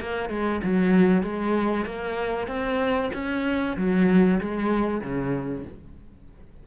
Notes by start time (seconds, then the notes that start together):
0.00 A#3
0.29 G#3
0.63 F#3
1.22 G#3
1.85 A#3
2.47 C4
3.13 C#4
3.77 F#3
4.40 G#3
5.01 C#3